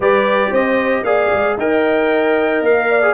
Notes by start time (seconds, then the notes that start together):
0.00 G3 G4 B4 D5
0.49 C4 C5 D#5
1.02 A#3 G#4 D5 F5
1.33 G#3
1.57 D#4 A#4 D#5 G5
2.61 A#3 F5
2.89 D5
3.02 G#4